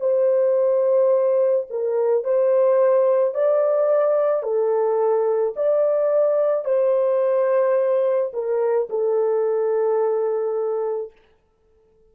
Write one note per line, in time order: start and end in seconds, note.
0.00 1.67 C5
1.70 2.24 A#4
2.24 3.34 C5
3.34 4.42 D5
4.42 5.54 A4
5.56 6.65 D5
6.65 8.31 C5
8.33 8.88 A#4
8.89 11.12 A4